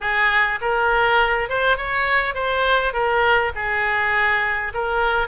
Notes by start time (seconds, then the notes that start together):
0.00 G#4
0.61 A#4
1.49 C5
1.77 C#5
2.34 C5
2.93 A#4
3.55 G#4
4.74 A#4